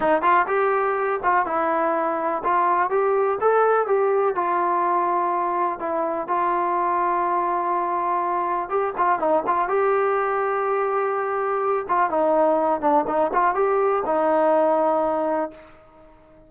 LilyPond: \new Staff \with { instrumentName = "trombone" } { \time 4/4 \tempo 4 = 124 dis'8 f'8 g'4. f'8 e'4~ | e'4 f'4 g'4 a'4 | g'4 f'2. | e'4 f'2.~ |
f'2 g'8 f'8 dis'8 f'8 | g'1~ | g'8 f'8 dis'4. d'8 dis'8 f'8 | g'4 dis'2. | }